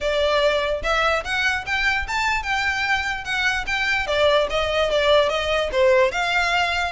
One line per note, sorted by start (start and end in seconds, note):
0.01 0.82 D5
0.82 1.23 E5
1.24 1.65 F#5
1.65 2.06 G5
2.07 2.42 A5
2.42 3.24 G5
3.24 3.65 F#5
3.66 4.06 G5
4.06 4.47 D5
4.50 4.90 D#5
4.90 5.29 D5
5.29 5.70 D#5
5.72 6.11 C5
6.11 6.92 F5